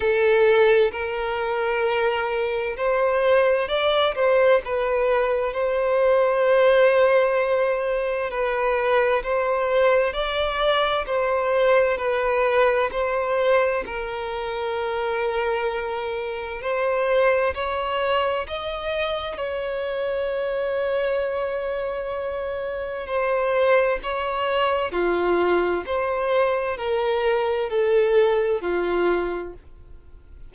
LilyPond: \new Staff \with { instrumentName = "violin" } { \time 4/4 \tempo 4 = 65 a'4 ais'2 c''4 | d''8 c''8 b'4 c''2~ | c''4 b'4 c''4 d''4 | c''4 b'4 c''4 ais'4~ |
ais'2 c''4 cis''4 | dis''4 cis''2.~ | cis''4 c''4 cis''4 f'4 | c''4 ais'4 a'4 f'4 | }